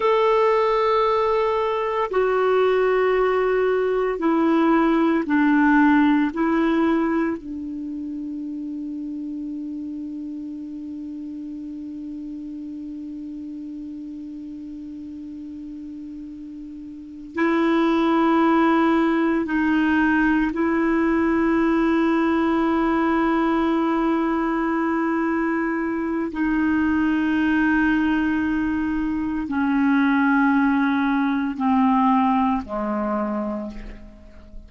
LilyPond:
\new Staff \with { instrumentName = "clarinet" } { \time 4/4 \tempo 4 = 57 a'2 fis'2 | e'4 d'4 e'4 d'4~ | d'1~ | d'1~ |
d'8 e'2 dis'4 e'8~ | e'1~ | e'4 dis'2. | cis'2 c'4 gis4 | }